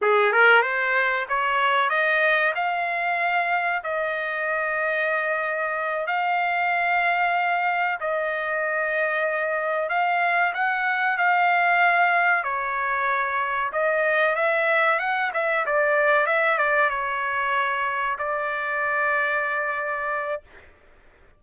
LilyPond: \new Staff \with { instrumentName = "trumpet" } { \time 4/4 \tempo 4 = 94 gis'8 ais'8 c''4 cis''4 dis''4 | f''2 dis''2~ | dis''4. f''2~ f''8~ | f''8 dis''2. f''8~ |
f''8 fis''4 f''2 cis''8~ | cis''4. dis''4 e''4 fis''8 | e''8 d''4 e''8 d''8 cis''4.~ | cis''8 d''2.~ d''8 | }